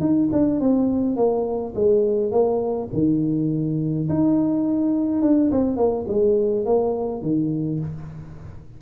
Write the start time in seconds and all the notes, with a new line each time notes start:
0.00 D#4
0.32 D4
0.60 C4
1.16 A#3
1.75 G#3
2.31 A#3
2.93 D#3
4.09 D#4
5.22 D4
5.51 C4
5.77 A#3
6.08 G#3
6.65 A#3
7.22 D#3